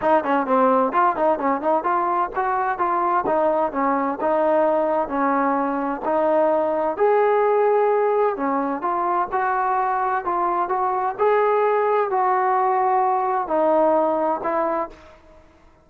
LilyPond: \new Staff \with { instrumentName = "trombone" } { \time 4/4 \tempo 4 = 129 dis'8 cis'8 c'4 f'8 dis'8 cis'8 dis'8 | f'4 fis'4 f'4 dis'4 | cis'4 dis'2 cis'4~ | cis'4 dis'2 gis'4~ |
gis'2 cis'4 f'4 | fis'2 f'4 fis'4 | gis'2 fis'2~ | fis'4 dis'2 e'4 | }